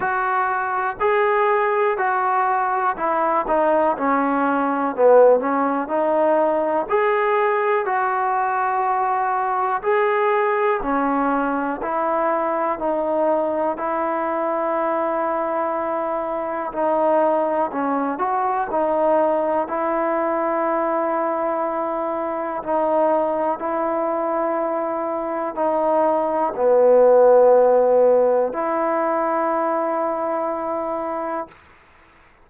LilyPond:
\new Staff \with { instrumentName = "trombone" } { \time 4/4 \tempo 4 = 61 fis'4 gis'4 fis'4 e'8 dis'8 | cis'4 b8 cis'8 dis'4 gis'4 | fis'2 gis'4 cis'4 | e'4 dis'4 e'2~ |
e'4 dis'4 cis'8 fis'8 dis'4 | e'2. dis'4 | e'2 dis'4 b4~ | b4 e'2. | }